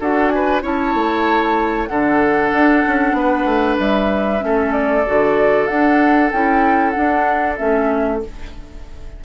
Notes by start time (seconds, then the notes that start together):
0.00 D4 F#4 A4 F#5
0.29 G#5
0.35 B4
0.62 C#4 E4 C#5 A5
0.94 A3
1.87 D3 D4 A4 F#5
2.52 D4
2.87 C#4
3.13 B3 B4
3.45 A3
3.79 G3 E5
4.39 A3 C#4
4.45 A4
4.72 D5
5.06 D3 F#4
5.67 D4 F#5
6.31 C#4 E4 G5
6.90 D4 F#5
6.97 D4
7.57 A3 C#4 E5